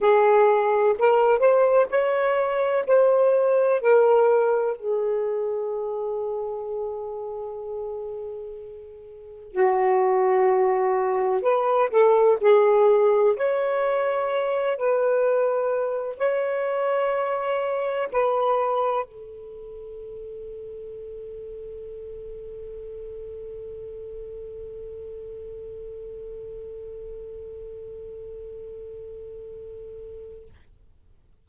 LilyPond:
\new Staff \with { instrumentName = "saxophone" } { \time 4/4 \tempo 4 = 63 gis'4 ais'8 c''8 cis''4 c''4 | ais'4 gis'2.~ | gis'2 fis'2 | b'8 a'8 gis'4 cis''4. b'8~ |
b'4 cis''2 b'4 | a'1~ | a'1~ | a'1 | }